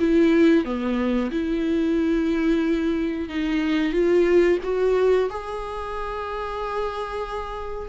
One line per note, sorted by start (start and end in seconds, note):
0.00 0.65 E4
0.65 1.31 B3
1.32 3.29 E4
3.29 3.93 D#4
3.93 4.59 F4
4.64 5.30 F#4
5.30 7.90 G#4